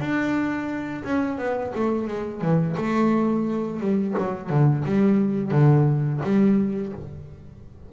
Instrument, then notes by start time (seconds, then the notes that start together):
double bass
0.00 D4
1.04 C#4
1.38 B3
1.75 A3
2.08 G#3
2.41 E3
2.77 A3
3.80 G3
4.18 F#3
4.50 D3
4.85 G3
5.52 D3
6.24 G3